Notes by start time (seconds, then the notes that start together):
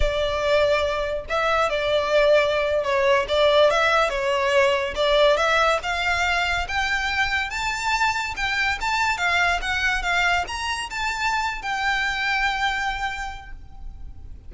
0.00 D5
1.29 E5
1.69 D5
2.83 C#5
3.28 D5
3.70 E5
4.09 C#5
4.95 D5
5.36 E5
5.82 F5
6.67 G5
7.49 A5
8.36 G5
8.80 A5
9.17 F5
9.61 F#5
10.02 F5
10.47 A#5
10.90 A5
11.61 G5